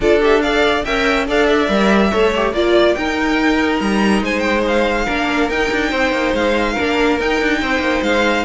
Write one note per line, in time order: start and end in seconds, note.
0.00 0.83 D4
0.00 0.20 F4
0.00 0.43 A4
0.00 0.22 D5
0.20 0.41 G4
0.20 0.41 E5
0.41 0.86 A4
0.41 0.85 D5
0.41 0.83 F5
0.84 1.27 C#4
0.84 1.26 A#4
0.84 1.27 E5
0.84 1.26 G5
1.26 1.69 D4
1.26 1.68 A4
1.26 2.11 D5
1.26 1.46 F5
1.46 2.52 E5
1.69 2.11 G3
1.69 2.11 A#4
2.11 2.52 A3
2.11 2.33 A4
2.11 2.53 C#5
2.35 2.54 G4
2.52 2.95 A#3
2.52 2.96 F4
2.52 2.94 D5
2.52 2.97 D5
2.94 3.80 D#4
2.94 5.07 D#4
2.94 4.23 A#4
2.94 3.79 G5
3.80 4.22 G3
3.80 4.23 A#5
4.22 5.07 G#3
4.22 5.05 C5
4.22 4.39 G#5
4.39 4.60 G5
4.67 5.49 F5
5.05 5.49 A#3
5.05 5.49 D4
5.05 5.89 A#4
5.49 5.70 D#4
5.49 6.77 D#4
5.49 6.34 G5
5.71 5.91 D4
5.90 6.11 C4
5.90 6.72 C5
6.11 6.33 A#3
6.33 6.76 G#3
6.33 7.19 F5
6.72 7.20 D4
6.72 7.57 A#4
6.79 7.20 A#3
7.20 7.40 D#4
7.20 8.45 D#4
7.20 8.03 G5
7.40 7.61 D4
7.61 7.79 C4
7.61 8.45 C5
7.79 8.00 A#3
8.01 8.44 G#3
8.01 8.45 F5